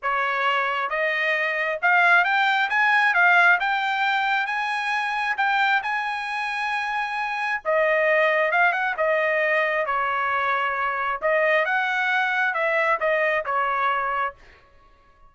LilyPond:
\new Staff \with { instrumentName = "trumpet" } { \time 4/4 \tempo 4 = 134 cis''2 dis''2 | f''4 g''4 gis''4 f''4 | g''2 gis''2 | g''4 gis''2.~ |
gis''4 dis''2 f''8 fis''8 | dis''2 cis''2~ | cis''4 dis''4 fis''2 | e''4 dis''4 cis''2 | }